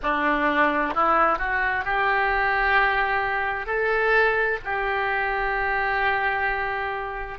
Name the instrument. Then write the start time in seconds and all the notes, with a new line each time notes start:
oboe
0.03 D4
0.94 E4
1.38 F#4
1.84 G4
3.66 A4
4.64 G4